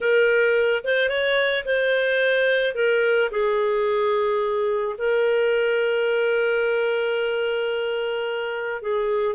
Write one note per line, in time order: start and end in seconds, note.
0.01 0.83 A#4
0.84 1.09 C5
1.09 1.64 C#5
1.65 2.74 C5
2.74 3.30 A#4
3.30 4.95 G#4
4.97 8.82 A#4
8.82 9.35 G#4